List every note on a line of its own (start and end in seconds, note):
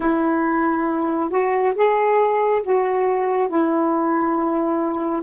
0.00 1.30 E4
1.30 1.73 F#4
1.75 2.62 G#4
2.62 3.48 F#4
3.48 5.22 E4